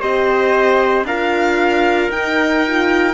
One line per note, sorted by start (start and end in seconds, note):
0.00 1.04 C4
0.00 1.06 G4
0.00 1.05 C5
0.00 1.06 D#5
1.04 2.09 D4
1.04 2.13 F4
1.04 3.14 A#4
1.04 2.11 F5
2.09 3.14 D#4
2.09 2.67 D#4
2.09 3.14 G5
2.68 3.14 F4